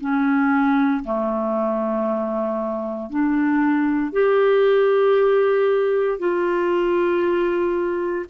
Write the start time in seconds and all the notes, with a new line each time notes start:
0.00 C#4
1.03 A3
3.09 D4
4.12 G4
6.18 F4